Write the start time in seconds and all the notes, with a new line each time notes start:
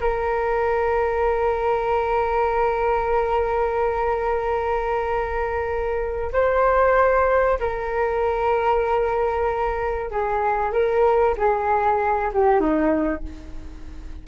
0.00 A#4
6.32 C5
7.59 A#4
10.11 G#4
10.72 A#4
11.37 G#4
12.33 G4
12.60 D#4